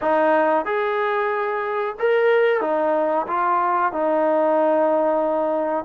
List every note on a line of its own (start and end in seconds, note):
0.01 0.65 D#4
0.65 1.95 G#4
1.99 2.61 A#4
2.61 3.26 D#4
3.27 3.92 F4
3.92 5.85 D#4